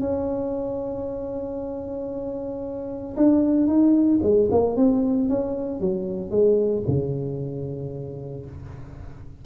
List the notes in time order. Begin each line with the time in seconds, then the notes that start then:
0.00 C#4
3.16 D4
3.67 D#4
4.22 G#3
4.51 A#3
4.76 C4
5.29 C#4
5.80 F#3
6.31 G#3
6.87 C#3